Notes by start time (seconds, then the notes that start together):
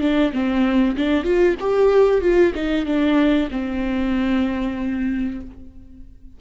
0.00 D4
0.32 C4
0.96 D4
1.23 F4
1.60 G4
2.21 F4
2.55 D#4
2.85 D4
3.51 C4